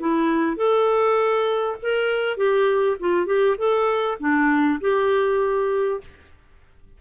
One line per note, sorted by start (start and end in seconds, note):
0.00 0.57 E4
0.57 1.77 A4
1.83 2.38 A#4
2.38 2.98 G4
3.00 3.26 F4
3.26 3.56 G4
3.58 4.18 A4
4.20 4.80 D4
4.81 6.01 G4